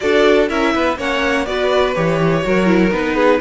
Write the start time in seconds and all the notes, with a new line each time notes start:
0.00 D4 F#4 A4 D5
0.48 C#4 E4 A#4 E5
0.75 B3 B4
0.97 A#3 C#4 C#5 F#5
1.45 B3 F#4 B4 D5
1.94 E3 G4 C#5
2.42 F#3 F#4 A#4
2.65 E4
2.91 B3 D#4 B4
3.15 G#4